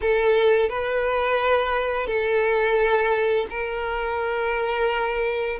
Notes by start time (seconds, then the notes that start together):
0.01 A4
0.69 B4
2.06 A4
3.49 A#4